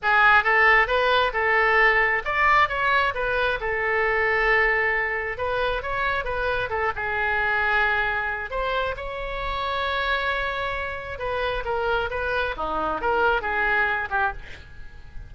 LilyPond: \new Staff \with { instrumentName = "oboe" } { \time 4/4 \tempo 4 = 134 gis'4 a'4 b'4 a'4~ | a'4 d''4 cis''4 b'4 | a'1 | b'4 cis''4 b'4 a'8 gis'8~ |
gis'2. c''4 | cis''1~ | cis''4 b'4 ais'4 b'4 | dis'4 ais'4 gis'4. g'8 | }